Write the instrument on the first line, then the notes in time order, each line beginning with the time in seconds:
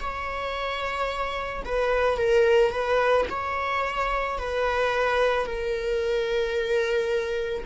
viola
0.00 C#5
1.65 B4
2.17 A#4
2.71 B4
3.30 C#5
4.39 B4
5.46 A#4